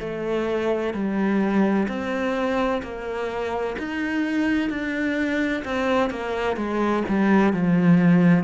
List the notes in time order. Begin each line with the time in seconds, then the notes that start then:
0.00 A3
0.94 G3
1.88 C4
2.83 A#3
3.79 D#4
4.70 D4
5.65 C4
6.10 A#3
6.57 G#3
7.09 G3
7.53 F3